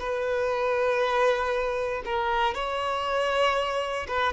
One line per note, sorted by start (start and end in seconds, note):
0.00 2.03 B4
2.06 2.54 A#4
2.54 4.07 C#5
4.08 4.33 B4